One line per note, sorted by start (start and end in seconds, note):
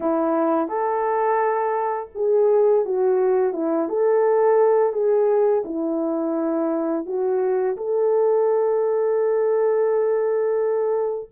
0.00 0.68 E4
0.68 2.09 A4
2.14 2.85 G#4
2.85 3.53 F#4
3.53 3.88 E4
3.88 4.92 A4
4.92 5.63 G#4
5.64 7.06 E4
7.06 7.76 F#4
7.76 11.29 A4